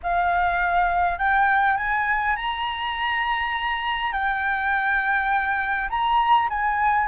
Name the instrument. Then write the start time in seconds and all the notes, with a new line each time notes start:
flute
0.02 F5
1.18 G5
1.76 G#5
2.36 A#5
4.12 G5
5.89 A#5
6.49 G#5